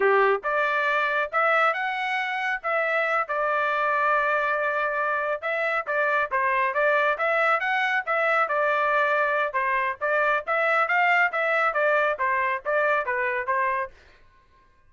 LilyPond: \new Staff \with { instrumentName = "trumpet" } { \time 4/4 \tempo 4 = 138 g'4 d''2 e''4 | fis''2 e''4. d''8~ | d''1~ | d''8 e''4 d''4 c''4 d''8~ |
d''8 e''4 fis''4 e''4 d''8~ | d''2 c''4 d''4 | e''4 f''4 e''4 d''4 | c''4 d''4 b'4 c''4 | }